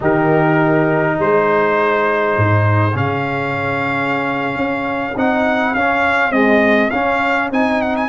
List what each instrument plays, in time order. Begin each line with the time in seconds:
0.00 tuba D#3, trombone D#4, horn G4, trumpet A#4
1.18 tuba G#3, horn G#4, trumpet C5
2.37 tuba G#2
2.94 tuba C#3, trombone C#4, trumpet F5
4.55 tuba C#4
5.15 tuba C4, trombone D#4, trumpet F#5
5.74 tuba C#4, trombone C#4, trumpet F5
6.30 trombone G#3, tuba C4, trumpet D#5
6.90 tuba C#4, trombone C#4, trumpet F5
7.50 tuba C4, trombone D#4, trumpet G#5
7.81 trumpet F#5
7.96 trumpet G#5